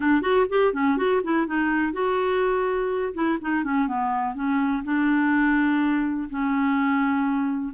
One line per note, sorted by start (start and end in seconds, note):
0.00 0.21 D4
0.21 0.46 F#4
0.49 0.73 G4
0.73 0.97 C#4
0.97 1.21 F#4
1.23 1.46 E4
1.46 1.92 D#4
1.92 3.13 F#4
3.14 3.38 E4
3.41 3.64 D#4
3.64 3.87 C#4
3.87 4.34 B3
4.34 4.83 C#4
4.84 6.29 D4
6.30 7.74 C#4